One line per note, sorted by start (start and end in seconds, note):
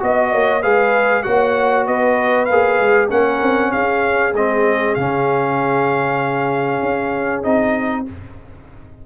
0.00 0.34 B3
0.00 0.62 F#4
0.00 0.33 D#5
0.00 0.63 D#5
0.33 0.64 A#3
0.33 0.62 C#5
0.62 1.26 G#3
0.62 1.24 G#4
0.62 1.24 B4
0.62 1.23 F5
1.23 1.88 A#3
1.23 2.48 F#4
1.23 1.86 C#5
1.23 1.85 F#5
1.86 2.49 B3
1.86 3.10 B4
1.86 2.45 D#5
2.45 2.79 A#3
2.45 3.07 F5
2.52 3.09 G#4
2.79 3.10 G#3
3.09 3.42 A#3
3.09 4.33 C#4
3.09 3.73 A#4
3.09 3.72 F#5
3.43 3.74 C4
3.72 4.34 C#4
3.72 8.06 G#4
3.72 4.34 F5
4.34 4.95 G#3
4.34 4.98 C4
4.34 4.95 D#5
4.95 6.82 C#3
4.95 7.44 C#4
4.95 7.43 F5
6.83 7.45 C#4
7.44 8.06 C4
7.44 8.06 D#4
7.44 8.05 D#5